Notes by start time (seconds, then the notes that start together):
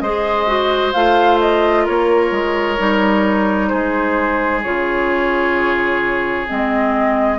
0.00 G#3 G#4 C5 D#5
0.47 F#4
0.93 A3 F4 F5
1.40 D#5
1.84 A#3 A#4 C#5
2.31 G#3
2.78 G3 D#4
3.68 G#3 G#4 C5
4.63 C#3 F4 C#5
6.47 G#3 C4 D#5